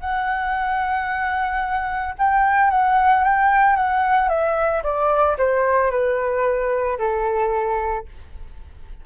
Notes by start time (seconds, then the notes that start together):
0.00 F#5
2.18 G5
2.70 F#5
3.24 G5
3.75 F#5
4.28 E5
4.83 D5
5.38 C5
5.90 B4
6.98 A4